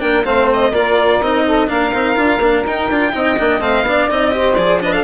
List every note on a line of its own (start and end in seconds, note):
0.00 0.25 A#3
0.00 0.24 D4
0.00 0.24 A#4
0.00 0.25 G5
0.25 0.72 A3
0.25 0.73 C4
0.25 0.73 C5
0.25 0.49 F5
0.53 0.75 D#5
0.72 1.20 A#3
0.72 1.22 F4
0.72 1.46 A#4
0.72 1.22 D5
1.21 1.69 C4
1.21 1.68 D#4
1.21 1.69 D#5
1.47 1.69 A4
1.68 1.94 A#3
1.68 1.92 D4
1.68 3.13 A#4
1.68 2.65 F5
1.94 2.17 C4
1.94 2.16 D#4
2.16 2.40 D4
2.16 2.40 F4
2.40 2.64 A#3
2.40 2.66 D4
2.67 2.90 D#4
2.67 2.91 D#4
2.67 3.62 G5
2.90 3.14 D4
2.90 3.13 F4
3.13 3.39 C4
3.13 3.37 D#4
3.13 3.87 D#5
3.39 3.60 A#3
3.39 3.61 D4
3.60 3.82 A3
3.60 3.85 C4
3.60 4.09 F5
3.82 4.06 B3
3.82 4.10 D4
3.82 4.35 D5
4.10 4.57 C4
4.10 4.31 D#4
4.10 4.55 D#5
4.31 4.55 G4
4.31 4.83 C5
4.55 5.04 F3
4.55 4.81 G#4
4.55 4.79 D5
4.81 5.04 D4
4.81 4.94 B4
4.81 4.93 D#5
4.93 5.04 A4
4.93 5.04 F5